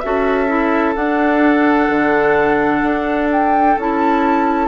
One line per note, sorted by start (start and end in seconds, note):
0.00 0.96 C#4
0.00 0.48 F#4
0.00 4.68 A4
0.00 0.94 E5
0.48 0.95 E4
0.96 1.89 D4
0.96 3.77 D4
0.96 3.30 F#5
1.90 2.83 D3
2.83 3.77 D4
3.32 3.79 G5
3.78 4.68 C#4
3.78 4.68 E4
3.78 4.68 A5